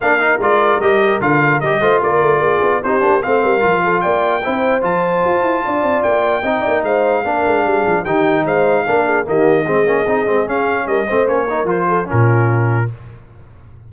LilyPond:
<<
  \new Staff \with { instrumentName = "trumpet" } { \time 4/4 \tempo 4 = 149 f''4 d''4 dis''4 f''4 | dis''4 d''2 c''4 | f''2 g''2 | a''2. g''4~ |
g''4 f''2. | g''4 f''2 dis''4~ | dis''2 f''4 dis''4 | cis''4 c''4 ais'2 | }
  \new Staff \with { instrumentName = "horn" } { \time 4/4 ais'1~ | ais'8 c''8 ais'4 gis'4 g'4 | c''8 ais'4 a'8 d''4 c''4~ | c''2 d''2 |
dis''8 d''8 c''4 ais'4 gis'4 | g'4 c''4 ais'8 gis'8 g'4 | gis'2. ais'8 c''8~ | c''8 ais'4 a'8 f'2 | }
  \new Staff \with { instrumentName = "trombone" } { \time 4/4 d'8 dis'8 f'4 g'4 f'4 | g'8 f'2~ f'8 dis'8 d'8 | c'4 f'2 e'4 | f'1 |
dis'2 d'2 | dis'2 d'4 ais4 | c'8 cis'8 dis'8 c'8 cis'4. c'8 | cis'8 dis'8 f'4 cis'2 | }
  \new Staff \with { instrumentName = "tuba" } { \time 4/4 ais4 gis4 g4 d4 | g8 a8 ais8 a8 ais8 b8 c'8 ais8 | a8 g8 f4 ais4 c'4 | f4 f'8 e'8 d'8 c'8 ais4 |
c'8 ais8 gis4 ais8 gis8 g8 f8 | dis4 gis4 ais4 dis4 | gis8 ais8 c'8 gis8 cis'4 g8 a8 | ais4 f4 ais,2 | }
>>